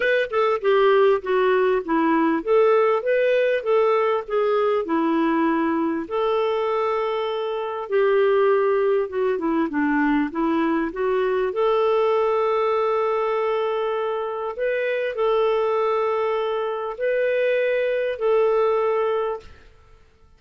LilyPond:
\new Staff \with { instrumentName = "clarinet" } { \time 4/4 \tempo 4 = 99 b'8 a'8 g'4 fis'4 e'4 | a'4 b'4 a'4 gis'4 | e'2 a'2~ | a'4 g'2 fis'8 e'8 |
d'4 e'4 fis'4 a'4~ | a'1 | b'4 a'2. | b'2 a'2 | }